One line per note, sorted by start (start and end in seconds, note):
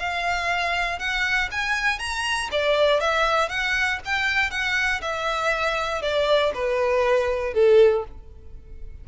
0.00 0.99 F5
0.99 1.50 F#5
1.52 1.99 G#5
1.99 2.50 A#5
2.52 3.01 D5
3.01 3.50 E5
3.50 4.00 F#5
4.06 4.51 G5
4.51 5.01 F#5
5.02 6.02 E5
6.02 6.53 D5
6.55 7.54 B4
7.54 8.05 A4